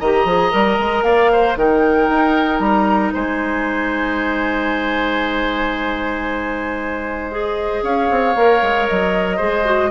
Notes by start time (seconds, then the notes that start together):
0.00 D#3 G4 D#5 A#5
0.25 F3 G#4
0.51 G3 A#4
0.79 G#3
1.03 A#3 D5 F5
1.32 C5
1.56 D#3 D#4 A#4 G5
2.09 D#4
2.59 G3 A#5
3.13 G#3 C5 G#5
7.31 G#4 D#5
7.82 C#4 C#5 F5
8.11 C4
8.35 A#3 A#4
8.62 G#3
8.88 F#3 D#5
9.37 G#3 G#4 C5
9.65 F#4